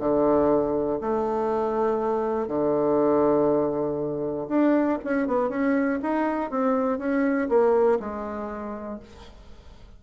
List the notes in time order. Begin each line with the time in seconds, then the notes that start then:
0.00 D3
1.01 A3
2.48 D3
4.49 D4
5.05 C#4
5.28 B3
5.50 C#4
6.03 D#4
6.51 C4
6.99 C#4
7.49 A#3
8.00 G#3